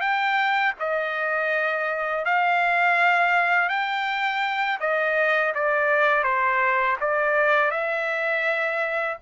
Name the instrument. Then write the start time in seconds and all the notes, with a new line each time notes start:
trumpet
0.00 G5
0.79 D#5
2.25 F5
3.69 G5
4.80 D#5
5.54 D5
6.23 C5
7.00 D5
7.71 E5